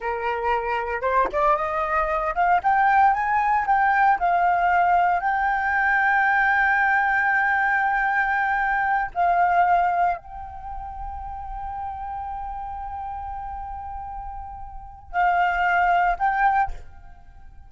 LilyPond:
\new Staff \with { instrumentName = "flute" } { \time 4/4 \tempo 4 = 115 ais'2 c''8 d''8 dis''4~ | dis''8 f''8 g''4 gis''4 g''4 | f''2 g''2~ | g''1~ |
g''4. f''2 g''8~ | g''1~ | g''1~ | g''4 f''2 g''4 | }